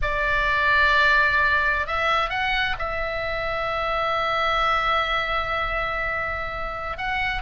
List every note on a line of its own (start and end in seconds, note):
0.02 1.86 D5
1.86 2.29 E5
2.29 2.76 F#5
2.78 6.97 E5
6.97 7.42 F#5